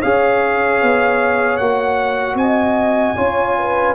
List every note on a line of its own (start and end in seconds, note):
0.00 0.82 C#4
0.00 1.60 G#4
0.00 2.37 C#5
0.00 1.57 F5
0.82 1.60 B3
1.57 2.35 A#3
1.57 3.17 F#4
1.57 2.36 F#5
2.35 3.13 C4
2.35 3.16 D#5
2.35 3.94 G#5
3.16 3.94 C#4
3.16 3.94 F4
3.16 3.55 C#5
3.58 3.94 B4